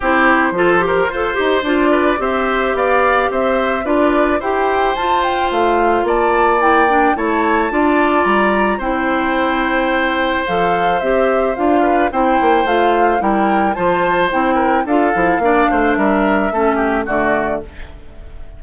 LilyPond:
<<
  \new Staff \with { instrumentName = "flute" } { \time 4/4 \tempo 4 = 109 c''2. d''4 | e''4 f''4 e''4 d''4 | g''4 a''8 g''8 f''4 a''4 | g''4 a''2 ais''4 |
g''2. f''4 | e''4 f''4 g''4 f''4 | g''4 a''4 g''4 f''4~ | f''4 e''2 d''4 | }
  \new Staff \with { instrumentName = "oboe" } { \time 4/4 g'4 a'8 ais'8 c''4. b'8 | c''4 d''4 c''4 b'4 | c''2. d''4~ | d''4 cis''4 d''2 |
c''1~ | c''4. b'8 c''2 | ais'4 c''4. ais'8 a'4 | d''8 c''8 ais'4 a'8 g'8 fis'4 | }
  \new Staff \with { instrumentName = "clarinet" } { \time 4/4 e'4 f'8 g'8 a'8 g'8 f'4 | g'2. f'4 | g'4 f'2. | e'8 d'8 e'4 f'2 |
e'2. a'4 | g'4 f'4 e'4 f'4 | e'4 f'4 e'4 f'8 e'8 | d'2 cis'4 a4 | }
  \new Staff \with { instrumentName = "bassoon" } { \time 4/4 c'4 f4 f'8 dis'8 d'4 | c'4 b4 c'4 d'4 | e'4 f'4 a4 ais4~ | ais4 a4 d'4 g4 |
c'2. f4 | c'4 d'4 c'8 ais8 a4 | g4 f4 c'4 d'8 f8 | ais8 a8 g4 a4 d4 | }
>>